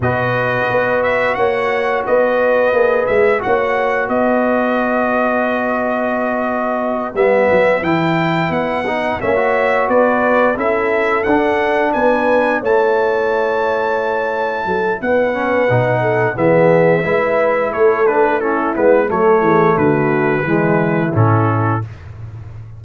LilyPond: <<
  \new Staff \with { instrumentName = "trumpet" } { \time 4/4 \tempo 4 = 88 dis''4. e''8 fis''4 dis''4~ | dis''8 e''8 fis''4 dis''2~ | dis''2~ dis''8 e''4 g''8~ | g''8 fis''4 e''4 d''4 e''8~ |
e''8 fis''4 gis''4 a''4.~ | a''2 fis''2 | e''2 cis''8 b'8 a'8 b'8 | cis''4 b'2 a'4 | }
  \new Staff \with { instrumentName = "horn" } { \time 4/4 b'2 cis''4 b'4~ | b'4 cis''4 b'2~ | b'1~ | b'4. cis''4 b'4 a'8~ |
a'4. b'4 cis''4.~ | cis''4. a'8 b'4. a'8 | gis'4 b'4 a'4 e'4 | a'8 gis'8 fis'4 e'2 | }
  \new Staff \with { instrumentName = "trombone" } { \time 4/4 fis'1 | gis'4 fis'2.~ | fis'2~ fis'8 b4 e'8~ | e'4 dis'8 cis'16 fis'4.~ fis'16 e'8~ |
e'8 d'2 e'4.~ | e'2~ e'8 cis'8 dis'4 | b4 e'4. d'8 cis'8 b8 | a2 gis4 cis'4 | }
  \new Staff \with { instrumentName = "tuba" } { \time 4/4 b,4 b4 ais4 b4 | ais8 gis8 ais4 b2~ | b2~ b8 g8 fis8 e8~ | e8 b4 ais4 b4 cis'8~ |
cis'8 d'4 b4 a4.~ | a4. fis8 b4 b,4 | e4 gis4 a4. gis8 | fis8 e8 d4 e4 a,4 | }
>>